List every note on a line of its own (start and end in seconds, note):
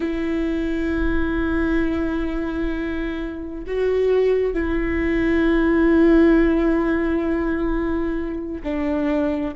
0.00 3.64 E4
3.67 4.53 F#4
4.53 8.62 E4
8.63 9.54 D4